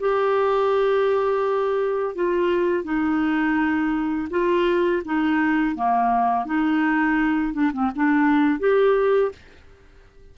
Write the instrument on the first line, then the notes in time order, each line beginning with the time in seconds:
clarinet
0.00 G4
2.15 F4
2.84 D#4
4.31 F4
5.06 D#4
5.76 A#3
6.46 D#4
7.54 D4
7.73 C4
7.96 D4
8.60 G4